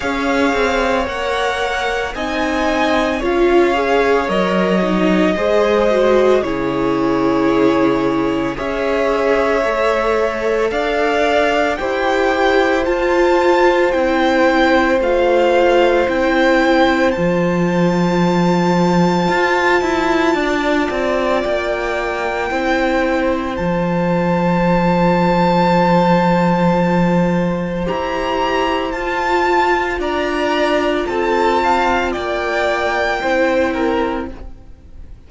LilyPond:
<<
  \new Staff \with { instrumentName = "violin" } { \time 4/4 \tempo 4 = 56 f''4 fis''4 gis''4 f''4 | dis''2 cis''2 | e''2 f''4 g''4 | a''4 g''4 f''4 g''4 |
a''1 | g''2 a''2~ | a''2 ais''4 a''4 | ais''4 a''4 g''2 | }
  \new Staff \with { instrumentName = "violin" } { \time 4/4 cis''2 dis''4 cis''4~ | cis''4 c''4 gis'2 | cis''2 d''4 c''4~ | c''1~ |
c''2. d''4~ | d''4 c''2.~ | c''1 | d''4 a'8 f''8 d''4 c''8 ais'8 | }
  \new Staff \with { instrumentName = "viola" } { \time 4/4 gis'4 ais'4 dis'4 f'8 gis'8 | ais'8 dis'8 gis'8 fis'8 e'2 | gis'4 a'2 g'4 | f'4 e'4 f'4 e'4 |
f'1~ | f'4 e'4 f'2~ | f'2 g'4 f'4~ | f'2. e'4 | }
  \new Staff \with { instrumentName = "cello" } { \time 4/4 cis'8 c'8 ais4 c'4 cis'4 | fis4 gis4 cis2 | cis'4 a4 d'4 e'4 | f'4 c'4 a4 c'4 |
f2 f'8 e'8 d'8 c'8 | ais4 c'4 f2~ | f2 e'4 f'4 | d'4 c'4 ais4 c'4 | }
>>